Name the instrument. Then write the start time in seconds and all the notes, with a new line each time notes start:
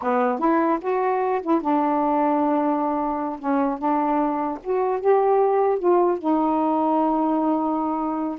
saxophone
0.02 B3
0.39 E4
0.81 F#4
1.41 E4
1.61 D4
3.39 C#4
3.78 D4
4.63 F#4
5.00 G4
5.78 F4
6.18 D#4